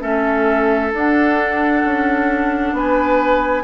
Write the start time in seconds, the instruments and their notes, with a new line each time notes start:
0.00 bassoon A3, clarinet C#4, oboe A4, flute E5
0.92 bassoon D4, clarinet D4, flute F#5
1.84 bassoon C#4
2.73 bassoon B3, oboe B4, flute G#5